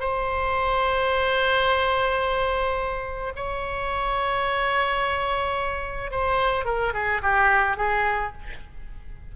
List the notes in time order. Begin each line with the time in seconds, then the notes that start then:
0.00 C5
3.36 C#5
6.11 C5
6.65 A#4
6.94 G#4
7.23 G4
7.77 G#4